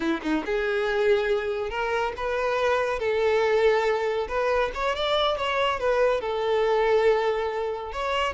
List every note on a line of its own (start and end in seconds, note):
0.00 0.20 E4
0.22 0.43 D#4
0.45 1.69 G#4
1.69 2.12 A#4
2.16 2.99 B4
2.99 4.27 A4
4.28 4.71 B4
4.74 4.95 C#5
4.95 5.37 D5
5.37 5.79 C#5
5.79 6.20 B4
6.20 7.92 A4
7.92 8.34 C#5